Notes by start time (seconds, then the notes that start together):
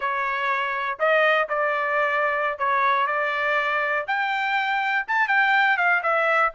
0.00 C#5
0.99 D#5
1.48 D5
2.58 C#5
3.06 D5
4.07 G5
5.07 A5
5.28 G5
5.77 F5
6.02 E5